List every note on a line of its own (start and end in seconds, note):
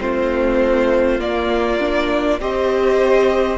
0.00 1.20 A3
0.00 1.20 C4
0.00 2.42 F4
0.00 1.21 C5
1.20 1.80 A#3
1.20 2.40 A#3
1.20 2.41 D5
1.80 2.40 D4
2.40 3.58 C4
2.40 3.58 G4
2.40 3.58 C5
2.40 3.58 D#5